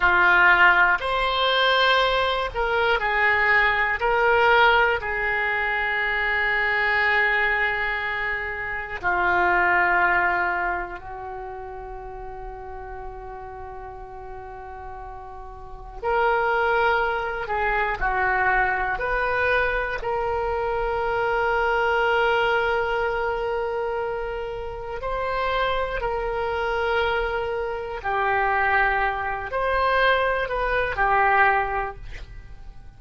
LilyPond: \new Staff \with { instrumentName = "oboe" } { \time 4/4 \tempo 4 = 60 f'4 c''4. ais'8 gis'4 | ais'4 gis'2.~ | gis'4 f'2 fis'4~ | fis'1 |
ais'4. gis'8 fis'4 b'4 | ais'1~ | ais'4 c''4 ais'2 | g'4. c''4 b'8 g'4 | }